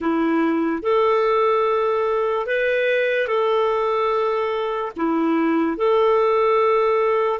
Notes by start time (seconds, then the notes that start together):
0.00 E4
0.82 A4
2.46 B4
3.27 A4
4.96 E4
5.77 A4